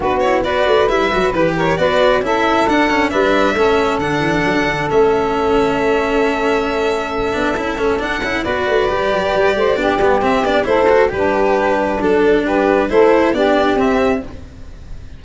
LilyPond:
<<
  \new Staff \with { instrumentName = "violin" } { \time 4/4 \tempo 4 = 135 b'8 cis''8 d''4 e''4 b'8 cis''8 | d''4 e''4 fis''4 e''4~ | e''4 fis''2 e''4~ | e''1~ |
e''2 fis''4 d''4~ | d''2. e''8 d''8 | c''4 b'2 a'4 | b'4 c''4 d''4 e''4 | }
  \new Staff \with { instrumentName = "saxophone" } { \time 4/4 fis'4 b'2~ b'8 ais'8 | b'4 a'2 b'4 | a'1~ | a'1~ |
a'2. b'4~ | b'4. c''8 g'2 | a'4 d'2. | g'4 a'4 g'2 | }
  \new Staff \with { instrumentName = "cello" } { \time 4/4 d'8 e'8 fis'4 e'8 fis'8 g'4 | fis'4 e'4 d'8 cis'8 d'4 | cis'4 d'2 cis'4~ | cis'1~ |
cis'8 d'8 e'8 cis'8 d'8 e'8 fis'4 | g'2 d'8 b8 c'8 d'8 | e'8 fis'8 g'2 d'4~ | d'4 e'4 d'4 c'4 | }
  \new Staff \with { instrumentName = "tuba" } { \time 4/4 b4. a8 g8 fis8 e4 | b4 cis'4 d'4 g4 | a4 d8 e8 fis8 d8 a4~ | a1~ |
a8 b8 cis'8 a8 d'8 cis'8 b8 a8 | g8 fis8 g8 a8 b8 g8 c'8 b8 | a4 g2 fis4 | g4 a4 b4 c'4 | }
>>